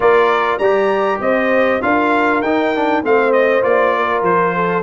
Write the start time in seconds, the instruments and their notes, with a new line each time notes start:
0.00 tuba A#3, trombone F4, horn A#4, trumpet D5
0.58 tuba G3, trombone G4, horn D5, trumpet A#5
1.20 tuba C4, horn C5, trumpet D#5
1.81 tuba D4, trombone F4, horn A#4, trumpet F5
2.41 tuba D#4, trombone D#4, trumpet G5
2.75 trombone D4
3.03 tuba A3, trombone C4, horn C5, trumpet F5
3.32 trumpet D#5
3.61 tuba A#3, trombone F4, trumpet D5
3.95 horn A#4
4.22 tuba F3, trumpet C5
4.55 horn A4